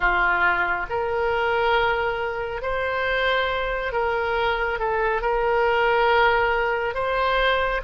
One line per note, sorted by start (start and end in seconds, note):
0.00 0.86 F4
0.89 2.62 A#4
2.62 3.92 C5
3.92 4.79 A#4
4.79 5.21 A4
5.21 6.94 A#4
6.94 7.81 C5